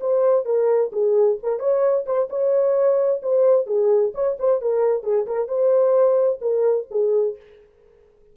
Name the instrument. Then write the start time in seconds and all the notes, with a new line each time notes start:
horn
0.00 C5
0.45 A#4
0.92 G#4
1.43 A#4
1.59 C#5
2.06 C5
2.29 C#5
3.22 C5
3.66 G#4
4.14 C#5
4.39 C5
4.61 A#4
5.03 G#4
5.26 A#4
5.48 C5
6.41 A#4
6.90 G#4